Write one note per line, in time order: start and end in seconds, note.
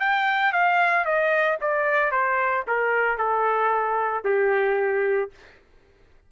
0.00 0.53 G5
0.53 1.05 F5
1.05 1.58 D#5
1.61 2.11 D5
2.11 2.65 C5
2.67 3.18 A#4
3.18 4.24 A4
4.24 5.30 G4